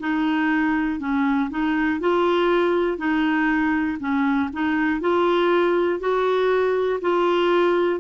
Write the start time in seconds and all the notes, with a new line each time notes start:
0.00 D#4
1.00 C#4
1.50 D#4
2.00 F4
2.98 D#4
4.00 C#4
4.53 D#4
5.00 F4
6.00 F#4
7.01 F4